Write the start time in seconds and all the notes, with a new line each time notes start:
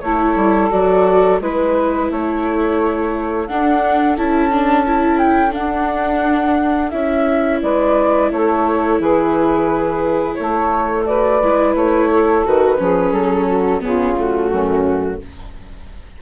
0.00 A3 E4 A4 C#5
0.36 G3
0.71 F#3 F#4 D5
1.41 G#3 E4 B4
2.09 A3 A4 C#5
3.48 D4 F#5
4.18 C#4 E4 A5
4.52 D4
4.87 E4
5.19 G5
5.52 D4 F#5
5.58 D4
6.91 C#4 E4 E5
7.62 G#3 B4 D5
8.32 A3 A4 C#5
9.00 E3 G#4 B4
10.35 A3 A4 C#5
11.06 F#4 B4 D5
11.43 G#3 E4
11.76 A3 C#5
12.10 A4
12.45 D#3 F#4 B4
12.78 F3 C#4 G#4
13.12 F#3 A4
13.47 F#4
13.81 C#3 B3 F4 G#4
14.17 A3 F#4
14.51 F#2 C#4